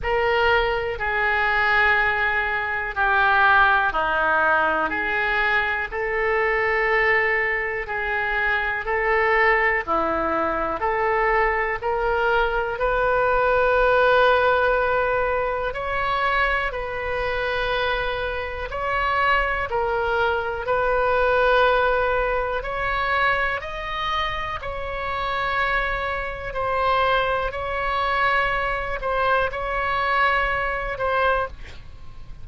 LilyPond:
\new Staff \with { instrumentName = "oboe" } { \time 4/4 \tempo 4 = 61 ais'4 gis'2 g'4 | dis'4 gis'4 a'2 | gis'4 a'4 e'4 a'4 | ais'4 b'2. |
cis''4 b'2 cis''4 | ais'4 b'2 cis''4 | dis''4 cis''2 c''4 | cis''4. c''8 cis''4. c''8 | }